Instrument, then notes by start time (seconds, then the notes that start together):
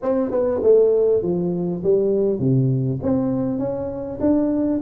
tuba
0.02 C4
0.30 B3
0.62 A3
1.22 F3
1.83 G3
2.39 C3
3.02 C4
3.58 C#4
4.20 D4